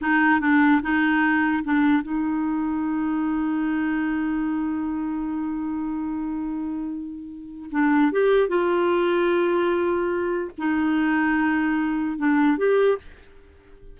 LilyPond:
\new Staff \with { instrumentName = "clarinet" } { \time 4/4 \tempo 4 = 148 dis'4 d'4 dis'2 | d'4 dis'2.~ | dis'1~ | dis'1~ |
dis'2. d'4 | g'4 f'2.~ | f'2 dis'2~ | dis'2 d'4 g'4 | }